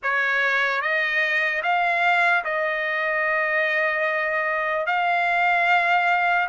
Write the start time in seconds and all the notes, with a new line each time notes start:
0.03 C#5
0.81 D#5
1.62 F5
2.44 D#5
4.86 F5